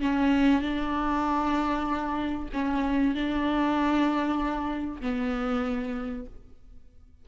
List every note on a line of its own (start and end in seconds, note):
0.00 0.61 C#4
0.61 2.49 D4
2.53 3.15 C#4
3.15 5.01 D4
5.01 6.26 B3